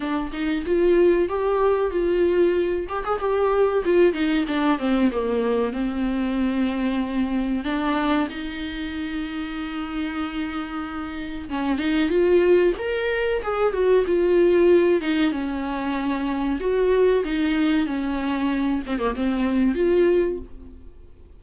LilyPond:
\new Staff \with { instrumentName = "viola" } { \time 4/4 \tempo 4 = 94 d'8 dis'8 f'4 g'4 f'4~ | f'8 g'16 gis'16 g'4 f'8 dis'8 d'8 c'8 | ais4 c'2. | d'4 dis'2.~ |
dis'2 cis'8 dis'8 f'4 | ais'4 gis'8 fis'8 f'4. dis'8 | cis'2 fis'4 dis'4 | cis'4. c'16 ais16 c'4 f'4 | }